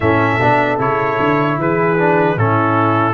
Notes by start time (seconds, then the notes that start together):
0.00 A2 C#4 A4 E5
0.39 B2 D4
0.78 C#3 E4 C#5
1.19 D3
1.58 E3 G#4 B4
1.97 D4
2.36 A2 C#4 E4 A4